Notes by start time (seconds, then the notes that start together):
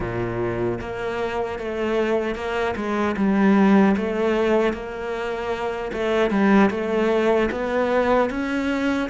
0.00 A#2
0.80 A#3
1.58 A3
2.35 A#3
2.76 G#3
3.16 G3
3.97 A3
4.73 A#3
5.92 A3
6.30 G3
6.70 A3
7.51 B3
8.30 C#4